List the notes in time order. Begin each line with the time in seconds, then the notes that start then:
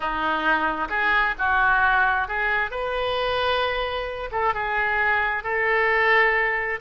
0.00 D#4
0.89 G#4
1.38 F#4
2.28 G#4
2.70 B4
4.31 A4
4.54 G#4
5.43 A4